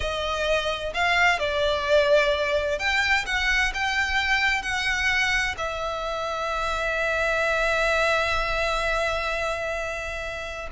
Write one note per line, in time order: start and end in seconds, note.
0.00 0.93 D#5
0.93 1.39 F5
1.39 2.78 D5
2.78 3.25 G5
3.26 3.72 F#5
3.74 4.62 G5
4.62 5.55 F#5
5.57 10.69 E5